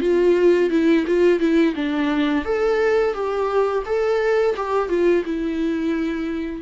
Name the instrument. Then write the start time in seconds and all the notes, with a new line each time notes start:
viola
0.00 F4
0.70 E4
1.07 F4
1.39 E4
1.75 D4
2.45 A4
3.13 G4
3.85 A4
4.56 G4
4.88 F4
5.25 E4